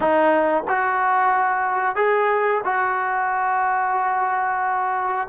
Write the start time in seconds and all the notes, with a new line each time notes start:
0.00 D#4
0.67 F#4
1.95 G#4
2.64 F#4